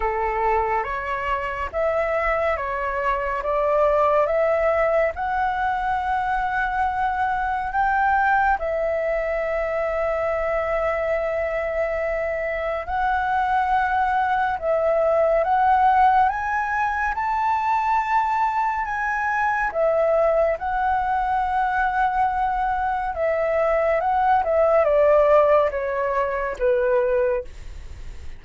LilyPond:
\new Staff \with { instrumentName = "flute" } { \time 4/4 \tempo 4 = 70 a'4 cis''4 e''4 cis''4 | d''4 e''4 fis''2~ | fis''4 g''4 e''2~ | e''2. fis''4~ |
fis''4 e''4 fis''4 gis''4 | a''2 gis''4 e''4 | fis''2. e''4 | fis''8 e''8 d''4 cis''4 b'4 | }